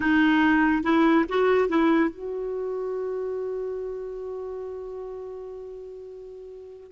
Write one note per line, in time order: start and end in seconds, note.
0.00 0.83 D#4
0.83 1.25 E4
1.28 1.68 F#4
1.68 2.10 E4
2.10 6.92 F#4